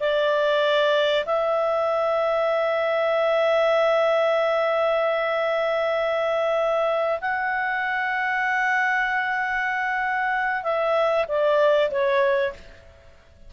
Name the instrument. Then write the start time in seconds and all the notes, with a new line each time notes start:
clarinet
0.00 D5
1.26 E5
7.21 F#5
10.63 E5
11.28 D5
11.91 C#5